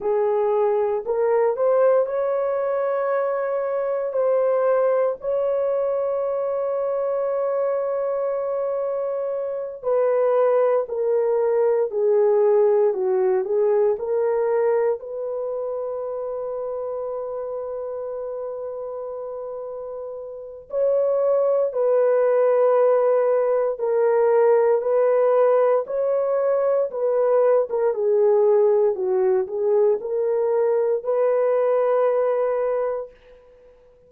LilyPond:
\new Staff \with { instrumentName = "horn" } { \time 4/4 \tempo 4 = 58 gis'4 ais'8 c''8 cis''2 | c''4 cis''2.~ | cis''4. b'4 ais'4 gis'8~ | gis'8 fis'8 gis'8 ais'4 b'4.~ |
b'1 | cis''4 b'2 ais'4 | b'4 cis''4 b'8. ais'16 gis'4 | fis'8 gis'8 ais'4 b'2 | }